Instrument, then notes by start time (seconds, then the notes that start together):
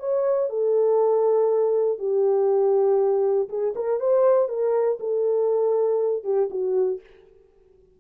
horn
0.00 C#5
0.50 A4
1.99 G4
3.49 G#4
3.75 A#4
4.00 C5
4.49 A#4
5.00 A4
6.24 G4
6.50 F#4